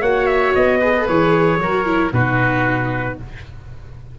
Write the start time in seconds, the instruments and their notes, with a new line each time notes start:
0.00 tuba A#3, viola F#4, oboe C#5, trumpet F#5
0.26 trumpet E5
0.54 tuba B3, trumpet D#5
0.79 viola G#4, oboe B4
0.97 viola A4
1.07 tuba E3, viola G#4, trumpet C#5
1.58 tuba F#3, viola F#4, oboe A#4
1.85 viola E4
2.12 tuba B2, viola D#4, oboe F#4, trumpet B4